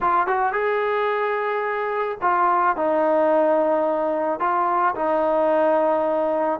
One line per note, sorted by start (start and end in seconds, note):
0.01 0.26 F4
0.26 0.52 F#4
0.52 2.17 G#4
2.21 2.76 F4
2.76 4.39 D#4
4.39 4.94 F4
4.95 6.60 D#4